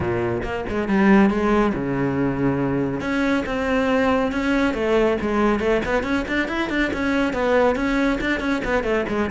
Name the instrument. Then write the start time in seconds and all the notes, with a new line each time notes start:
cello
0.00 A#2
0.43 A#3
0.69 G#3
0.88 G3
1.29 G#3
1.74 C#3
3.00 C#4
3.46 C4
4.31 C#4
4.74 A3
5.21 G#3
5.59 A3
5.85 B3
6.03 C#4
6.27 D4
6.48 E4
6.69 D4
6.93 C#4
7.33 B3
7.75 C#4
8.20 D4
8.40 C#4
8.64 B3
8.83 A3
9.09 G#3